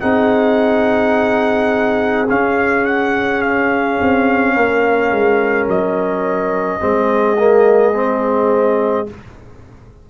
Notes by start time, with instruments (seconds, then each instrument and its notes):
0.00 tuba C4, trombone D#4, horn G#4, trumpet F#5
2.29 trombone C#4, tuba C#4, trumpet F5
2.85 trumpet F#5
3.42 trumpet F5
4.00 tuba C4
4.55 tuba A#3, horn A#4
5.11 tuba G#3
5.67 tuba F#3, trumpet D#5
6.80 tuba G#3, trombone C4, horn G#4
7.38 trombone A#3
7.93 trombone C4